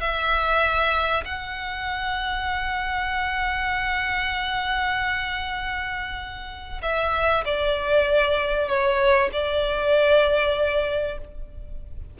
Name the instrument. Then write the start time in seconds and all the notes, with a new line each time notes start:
violin
0.00 E5
1.25 F#5
6.82 E5
7.45 D5
8.68 C#5
9.32 D5